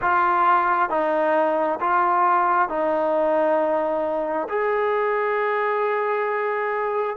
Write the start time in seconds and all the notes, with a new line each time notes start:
0.01 F4
0.89 D#4
1.80 F4
2.69 D#4
4.48 G#4